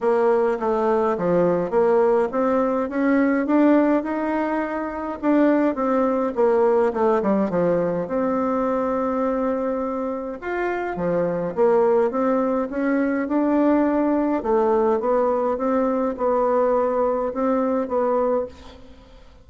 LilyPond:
\new Staff \with { instrumentName = "bassoon" } { \time 4/4 \tempo 4 = 104 ais4 a4 f4 ais4 | c'4 cis'4 d'4 dis'4~ | dis'4 d'4 c'4 ais4 | a8 g8 f4 c'2~ |
c'2 f'4 f4 | ais4 c'4 cis'4 d'4~ | d'4 a4 b4 c'4 | b2 c'4 b4 | }